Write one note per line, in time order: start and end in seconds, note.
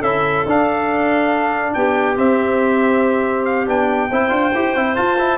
0.00 0.45 C#4
0.00 0.46 E4
0.00 1.71 A4
0.00 0.45 E5
0.46 1.75 D4
0.46 2.16 D4
0.46 1.74 F5
1.74 2.18 B3
1.74 4.10 G4
1.74 2.17 G5
2.16 3.66 C4
2.16 3.68 C4
2.16 3.45 E5
3.45 3.66 F5
3.66 4.11 B3
3.66 4.09 D4
3.66 4.96 G5
4.10 4.31 C4
4.10 4.29 E4
4.10 5.38 C5
4.29 4.52 D4
4.29 4.51 F4
4.54 4.76 E4
4.54 4.76 G4
4.76 4.97 C4
4.76 4.95 E4
4.95 5.17 F4
4.95 5.38 F4
4.95 5.38 A5
5.19 5.38 E4